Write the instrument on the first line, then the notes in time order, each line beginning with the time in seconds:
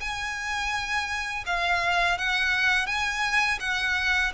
violin
0.00 G#5
1.46 F5
2.18 F#5
2.87 G#5
3.60 F#5